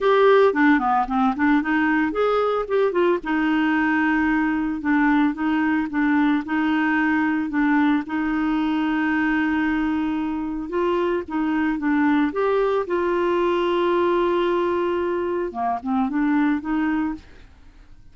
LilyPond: \new Staff \with { instrumentName = "clarinet" } { \time 4/4 \tempo 4 = 112 g'4 d'8 b8 c'8 d'8 dis'4 | gis'4 g'8 f'8 dis'2~ | dis'4 d'4 dis'4 d'4 | dis'2 d'4 dis'4~ |
dis'1 | f'4 dis'4 d'4 g'4 | f'1~ | f'4 ais8 c'8 d'4 dis'4 | }